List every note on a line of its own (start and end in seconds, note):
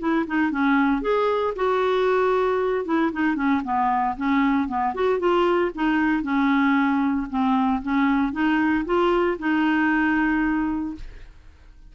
0.00 0.26 E4
0.28 0.52 D#4
0.52 1.02 C#4
1.02 1.54 G#4
1.56 2.86 F#4
2.86 3.12 E4
3.13 3.36 D#4
3.36 3.62 C#4
3.64 4.16 B3
4.17 4.68 C#4
4.68 4.94 B3
4.95 5.20 F#4
5.20 5.72 F4
5.75 6.23 D#4
6.23 7.28 C#4
7.30 7.83 C4
7.83 8.33 C#4
8.33 8.85 D#4
8.86 9.38 F4
9.39 10.96 D#4